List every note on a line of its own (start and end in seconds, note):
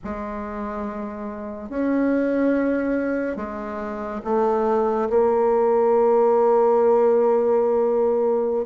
0.03 1.69 G#3
1.69 3.36 C#4
3.36 4.20 G#3
4.24 5.09 A3
5.09 8.65 A#3